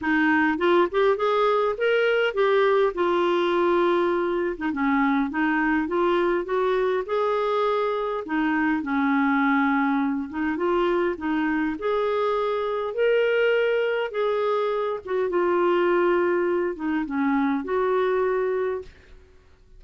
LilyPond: \new Staff \with { instrumentName = "clarinet" } { \time 4/4 \tempo 4 = 102 dis'4 f'8 g'8 gis'4 ais'4 | g'4 f'2~ f'8. dis'16 | cis'4 dis'4 f'4 fis'4 | gis'2 dis'4 cis'4~ |
cis'4. dis'8 f'4 dis'4 | gis'2 ais'2 | gis'4. fis'8 f'2~ | f'8 dis'8 cis'4 fis'2 | }